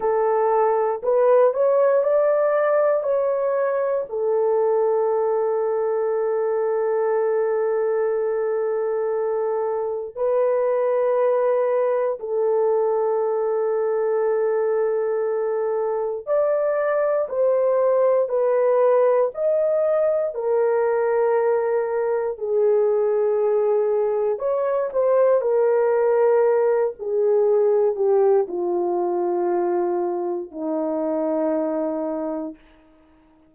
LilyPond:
\new Staff \with { instrumentName = "horn" } { \time 4/4 \tempo 4 = 59 a'4 b'8 cis''8 d''4 cis''4 | a'1~ | a'2 b'2 | a'1 |
d''4 c''4 b'4 dis''4 | ais'2 gis'2 | cis''8 c''8 ais'4. gis'4 g'8 | f'2 dis'2 | }